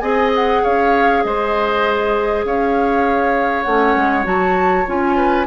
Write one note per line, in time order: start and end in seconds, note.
0.00 0.62 C4
0.00 3.66 G#4
0.00 0.62 D#5
0.00 0.30 G#5
0.35 0.65 F#5
0.63 1.24 C#4
0.63 1.24 C#5
0.63 1.24 F5
1.24 2.45 G#3
1.24 2.46 C5
1.24 2.45 D#5
2.45 3.66 C#4
2.45 5.17 C#5
2.45 3.64 F5
3.64 3.96 A3
3.64 4.24 C#4
3.64 4.24 F#5
3.96 4.26 G#3
4.24 4.86 F#3
4.24 4.85 F#4
4.24 4.88 A5
4.87 5.47 C#4
4.87 5.47 F4
4.87 5.47 G#5
5.17 5.47 B4